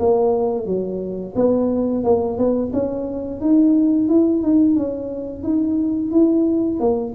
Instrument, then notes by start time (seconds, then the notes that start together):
tuba
0.00 A#3
0.66 F#3
1.36 B3
2.04 A#3
2.38 B3
2.73 C#4
3.41 D#4
4.09 E4
4.43 D#4
4.76 C#4
5.44 D#4
6.12 E4
6.80 A#3